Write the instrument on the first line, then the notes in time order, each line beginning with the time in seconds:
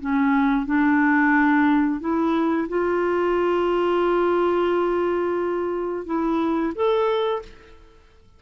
clarinet
0.00 C#4
0.66 D4
2.00 E4
2.69 F4
6.06 E4
6.75 A4